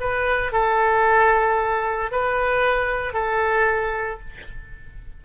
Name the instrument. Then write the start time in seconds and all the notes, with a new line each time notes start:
oboe
0.00 B4
0.52 A4
2.11 B4
3.13 A4